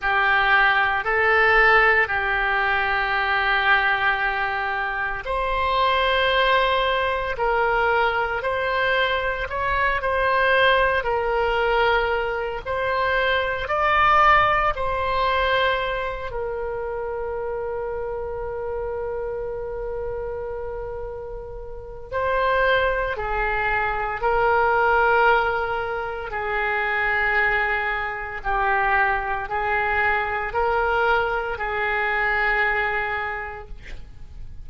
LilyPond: \new Staff \with { instrumentName = "oboe" } { \time 4/4 \tempo 4 = 57 g'4 a'4 g'2~ | g'4 c''2 ais'4 | c''4 cis''8 c''4 ais'4. | c''4 d''4 c''4. ais'8~ |
ais'1~ | ais'4 c''4 gis'4 ais'4~ | ais'4 gis'2 g'4 | gis'4 ais'4 gis'2 | }